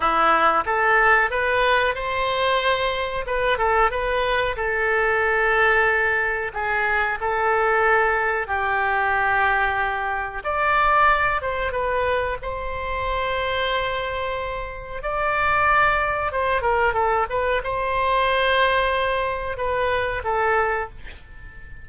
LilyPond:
\new Staff \with { instrumentName = "oboe" } { \time 4/4 \tempo 4 = 92 e'4 a'4 b'4 c''4~ | c''4 b'8 a'8 b'4 a'4~ | a'2 gis'4 a'4~ | a'4 g'2. |
d''4. c''8 b'4 c''4~ | c''2. d''4~ | d''4 c''8 ais'8 a'8 b'8 c''4~ | c''2 b'4 a'4 | }